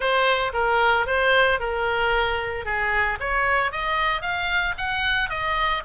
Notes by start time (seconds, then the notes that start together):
0.00 C5
0.53 A#4
1.06 C5
1.59 A#4
2.65 G#4
3.20 C#5
3.71 D#5
4.21 F5
4.77 F#5
5.29 D#5